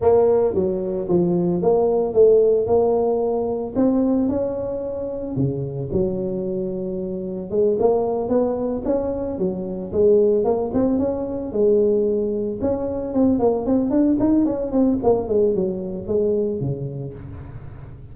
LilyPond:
\new Staff \with { instrumentName = "tuba" } { \time 4/4 \tempo 4 = 112 ais4 fis4 f4 ais4 | a4 ais2 c'4 | cis'2 cis4 fis4~ | fis2 gis8 ais4 b8~ |
b8 cis'4 fis4 gis4 ais8 | c'8 cis'4 gis2 cis'8~ | cis'8 c'8 ais8 c'8 d'8 dis'8 cis'8 c'8 | ais8 gis8 fis4 gis4 cis4 | }